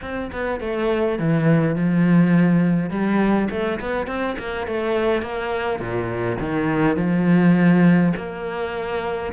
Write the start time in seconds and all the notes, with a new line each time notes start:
0.01 C4
0.32 B3
0.60 A3
1.18 E3
1.75 F3
2.90 G3
3.50 A3
3.80 B3
4.06 C4
4.38 A#3
4.66 A3
5.22 A#3
5.79 A#2
6.39 D#3
6.96 F3
8.16 A#3